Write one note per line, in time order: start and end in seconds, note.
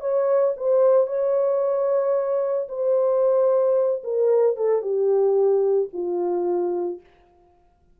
0.00 0.54 C#5
0.56 1.07 C5
1.07 2.68 C#5
2.69 4.03 C5
4.03 4.56 A#4
4.56 4.81 A4
4.81 5.89 G4
5.93 7.00 F4